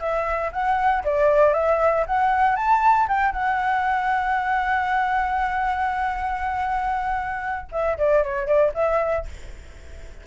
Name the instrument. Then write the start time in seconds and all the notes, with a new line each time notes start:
flute
0.00 E5
0.53 F#5
1.05 D5
1.54 E5
2.07 F#5
2.56 A5
3.08 G5
3.33 F#5
7.72 E5
7.98 D5
8.24 C#5
8.47 D5
8.74 E5